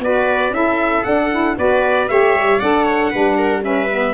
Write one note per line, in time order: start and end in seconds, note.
0.00 0.51 B3
0.00 0.52 F#4
0.00 0.54 B4
0.00 0.54 D5
0.51 1.02 C#4
0.51 1.04 E4
0.51 1.58 A4
0.51 1.04 E5
1.04 1.32 D4
1.04 1.57 D4
1.04 1.56 F#5
1.32 1.58 E4
1.58 2.09 B3
1.58 2.09 F#4
1.58 2.11 B4
1.58 2.09 D5
2.09 2.35 A3
2.09 2.61 G4
2.09 2.60 C#5
2.09 2.60 E5
2.35 2.61 G3
2.60 3.14 D4
2.60 3.13 A4
2.60 2.84 D5
2.60 3.63 F#5
2.84 3.10 C#5
3.11 4.14 G3
3.11 3.62 D4
3.11 3.37 B4
3.38 3.64 A#4
3.62 3.88 C#4
3.62 4.14 B4
3.62 4.14 E5
3.91 4.14 B3